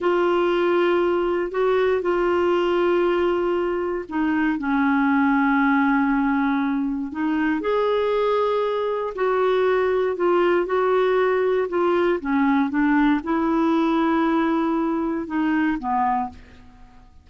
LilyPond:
\new Staff \with { instrumentName = "clarinet" } { \time 4/4 \tempo 4 = 118 f'2. fis'4 | f'1 | dis'4 cis'2.~ | cis'2 dis'4 gis'4~ |
gis'2 fis'2 | f'4 fis'2 f'4 | cis'4 d'4 e'2~ | e'2 dis'4 b4 | }